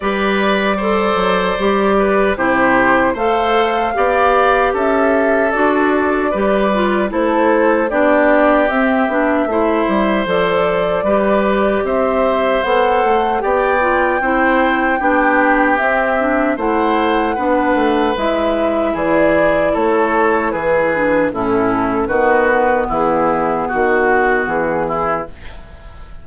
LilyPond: <<
  \new Staff \with { instrumentName = "flute" } { \time 4/4 \tempo 4 = 76 d''2. c''4 | f''2 e''4 d''4~ | d''4 c''4 d''4 e''4~ | e''4 d''2 e''4 |
fis''4 g''2. | e''4 fis''2 e''4 | d''4 cis''4 b'4 a'4 | b'4 gis'4 fis'4 gis'4 | }
  \new Staff \with { instrumentName = "oboe" } { \time 4/4 b'4 c''4. b'8 g'4 | c''4 d''4 a'2 | b'4 a'4 g'2 | c''2 b'4 c''4~ |
c''4 d''4 c''4 g'4~ | g'4 c''4 b'2 | gis'4 a'4 gis'4 e'4 | fis'4 e'4 fis'4. e'8 | }
  \new Staff \with { instrumentName = "clarinet" } { \time 4/4 g'4 a'4 g'4 e'4 | a'4 g'2 fis'4 | g'8 f'8 e'4 d'4 c'8 d'8 | e'4 a'4 g'2 |
a'4 g'8 f'8 e'4 d'4 | c'8 d'8 e'4 d'4 e'4~ | e'2~ e'8 d'8 cis'4 | b1 | }
  \new Staff \with { instrumentName = "bassoon" } { \time 4/4 g4. fis8 g4 c4 | a4 b4 cis'4 d'4 | g4 a4 b4 c'8 b8 | a8 g8 f4 g4 c'4 |
b8 a8 b4 c'4 b4 | c'4 a4 b8 a8 gis4 | e4 a4 e4 a,4 | dis4 e4 dis4 e4 | }
>>